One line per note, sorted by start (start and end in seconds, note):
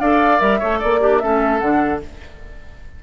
0.00 0.41 D4
0.00 0.39 A4
0.00 0.59 D5
0.00 0.40 F5
0.39 0.61 G3
0.39 0.59 A#4
0.39 0.81 E5
0.59 0.83 A3
0.59 1.01 A4
0.59 0.79 C#5
0.79 1.24 A#3
0.79 1.00 D5
0.79 1.19 D5
1.01 1.22 D4
1.01 1.21 G4
1.19 1.61 A3
1.19 1.60 C#4
1.19 2.03 A4
1.19 1.60 E5
1.60 2.02 D3
1.60 2.01 D4
1.60 2.00 F#5